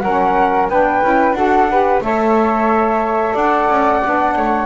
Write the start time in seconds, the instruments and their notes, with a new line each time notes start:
0.00 double bass F#3, saxophone C#4, flute A#4 F#5
0.69 double bass B3, saxophone D4, flute B4 G5
1.03 double bass C#4, saxophone E4
1.32 double bass D4, saxophone F#4, flute A4 F#5
1.70 saxophone G4, flute B4
2.00 double bass A3, saxophone A4, flute C#5 E5
3.33 double bass D4, flute D5 F#5
3.69 double bass C#4
4.03 double bass B3, saxophone D4
4.36 double bass A3, flute C#5